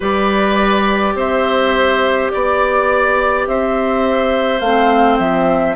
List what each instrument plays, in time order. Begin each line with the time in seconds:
0.00 bassoon G3, clarinet G4, oboe B4, flute D5
1.14 bassoon C4, oboe C5, flute E5
2.29 bassoon B3, flute D5, oboe D5
3.46 bassoon C4, oboe C5, flute E5
4.59 bassoon A3, clarinet C4, flute F5
5.18 bassoon F3, flute E5